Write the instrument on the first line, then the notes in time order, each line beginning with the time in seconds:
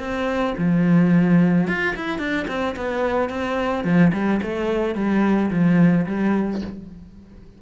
cello
0.00 C4
0.58 F3
1.68 F4
1.96 E4
2.19 D4
2.48 C4
2.77 B3
3.30 C4
3.85 F3
4.13 G3
4.43 A3
4.95 G3
5.51 F3
6.07 G3